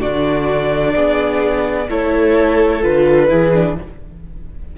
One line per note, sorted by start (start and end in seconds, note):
0.00 0.95 D3
0.00 1.88 D4
0.00 0.94 F#4
0.00 1.89 D5
0.95 1.89 B3
0.95 1.89 G#4
1.89 2.84 A3
1.89 2.82 E4
1.89 3.30 A4
1.89 2.83 C#5
2.82 3.31 D3
2.82 3.29 F4
2.82 3.77 B4
3.29 3.78 E3
3.29 3.52 E4
3.29 3.77 G#4
3.54 3.78 D4